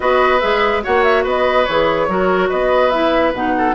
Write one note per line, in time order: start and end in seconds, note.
0.00 0.41 B3
0.00 0.39 F#4
0.00 0.83 B4
0.00 0.39 D#5
0.39 0.84 G#3
0.39 0.82 G#4
0.39 0.81 E5
0.82 1.25 A#3
0.82 1.66 F#4
0.82 1.23 C#5
0.82 1.03 F#5
1.03 1.24 E5
1.23 1.66 B3
1.23 2.06 B4
1.23 1.64 D#5
1.64 2.08 E3
1.64 2.09 G#4
1.64 2.48 C#5
2.08 2.49 F#3
2.08 2.92 F#4
2.08 2.49 A#4
2.49 3.33 B3
2.49 3.53 B4
2.49 2.90 D#5
2.90 3.33 E4
2.90 3.32 E5
3.33 3.74 B2
3.33 3.74 D#4
3.33 3.74 F#5
3.57 3.74 A4